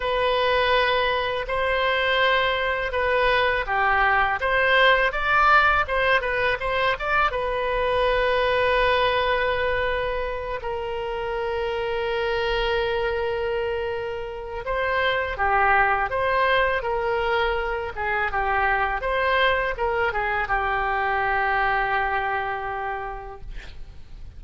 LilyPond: \new Staff \with { instrumentName = "oboe" } { \time 4/4 \tempo 4 = 82 b'2 c''2 | b'4 g'4 c''4 d''4 | c''8 b'8 c''8 d''8 b'2~ | b'2~ b'8 ais'4.~ |
ais'1 | c''4 g'4 c''4 ais'4~ | ais'8 gis'8 g'4 c''4 ais'8 gis'8 | g'1 | }